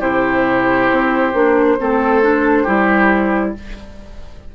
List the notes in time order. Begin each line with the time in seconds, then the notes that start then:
0.00 C3 E4 G4 C5
0.91 C4
1.34 A#3 D4
1.79 A3 C4 A4
2.23 D4
2.63 G3 E4 G4